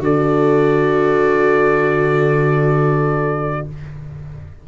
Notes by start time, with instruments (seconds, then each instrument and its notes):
0.00 tuba D3, viola F#4, horn A4, trumpet D5